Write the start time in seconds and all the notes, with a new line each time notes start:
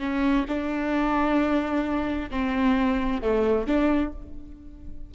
0.00 C#4
0.49 D4
2.31 C4
3.22 A3
3.67 D4